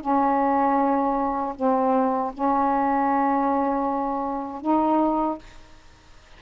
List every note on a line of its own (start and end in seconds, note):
0.00 1.54 C#4
1.55 2.32 C4
2.34 4.61 C#4
4.61 5.38 D#4